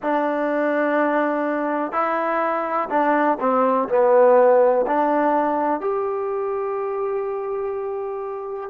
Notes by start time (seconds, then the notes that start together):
0.02 D4
1.92 E4
2.89 D4
3.40 C4
3.88 B3
4.87 D4
5.80 G4